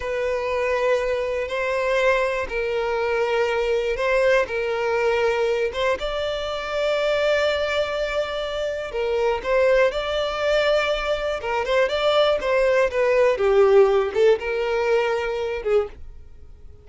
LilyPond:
\new Staff \with { instrumentName = "violin" } { \time 4/4 \tempo 4 = 121 b'2. c''4~ | c''4 ais'2. | c''4 ais'2~ ais'8 c''8 | d''1~ |
d''2 ais'4 c''4 | d''2. ais'8 c''8 | d''4 c''4 b'4 g'4~ | g'8 a'8 ais'2~ ais'8 gis'8 | }